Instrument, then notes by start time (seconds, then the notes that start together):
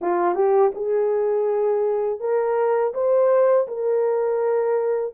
horn
0.01 F4
0.35 G4
0.74 G#4
2.20 A#4
2.94 C5
3.68 A#4